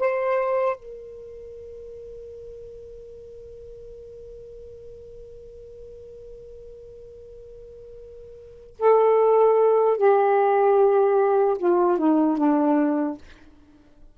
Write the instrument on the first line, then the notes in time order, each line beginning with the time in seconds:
saxophone
0.00 C5
0.77 A#4
8.80 A4
9.98 G4
11.59 F4
11.99 D#4
12.38 D4